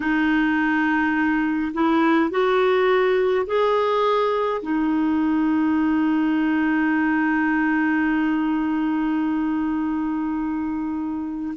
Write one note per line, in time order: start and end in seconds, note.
0.00 1.72 D#4
1.73 2.30 E4
2.30 3.46 F#4
3.46 4.62 G#4
4.62 11.54 D#4